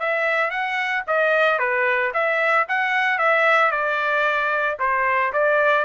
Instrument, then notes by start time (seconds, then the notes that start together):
trumpet
0.00 E5
0.50 F#5
1.07 D#5
1.59 B4
2.14 E5
2.69 F#5
3.19 E5
3.71 D5
4.80 C5
5.33 D5